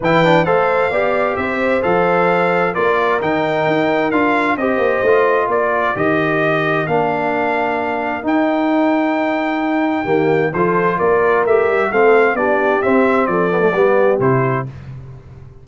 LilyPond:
<<
  \new Staff \with { instrumentName = "trumpet" } { \time 4/4 \tempo 4 = 131 g''4 f''2 e''4 | f''2 d''4 g''4~ | g''4 f''4 dis''2 | d''4 dis''2 f''4~ |
f''2 g''2~ | g''2. c''4 | d''4 e''4 f''4 d''4 | e''4 d''2 c''4 | }
  \new Staff \with { instrumentName = "horn" } { \time 4/4 b'4 c''4 d''4 c''4~ | c''2 ais'2~ | ais'2 c''2 | ais'1~ |
ais'1~ | ais'2 g'4 a'4 | ais'2 a'4 g'4~ | g'4 a'4 g'2 | }
  \new Staff \with { instrumentName = "trombone" } { \time 4/4 e'8 d'8 a'4 g'2 | a'2 f'4 dis'4~ | dis'4 f'4 g'4 f'4~ | f'4 g'2 d'4~ |
d'2 dis'2~ | dis'2 ais4 f'4~ | f'4 g'4 c'4 d'4 | c'4. b16 a16 b4 e'4 | }
  \new Staff \with { instrumentName = "tuba" } { \time 4/4 e4 a4 b4 c'4 | f2 ais4 dis4 | dis'4 d'4 c'8 ais8 a4 | ais4 dis2 ais4~ |
ais2 dis'2~ | dis'2 dis4 f4 | ais4 a8 g8 a4 b4 | c'4 f4 g4 c4 | }
>>